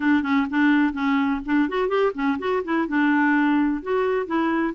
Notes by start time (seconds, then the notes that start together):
0.00 D4
0.23 C#4
0.49 D4
0.93 C#4
1.45 D4
1.68 F#4
1.88 G4
2.14 C#4
2.39 F#4
2.64 E4
2.88 D4
3.82 F#4
4.26 E4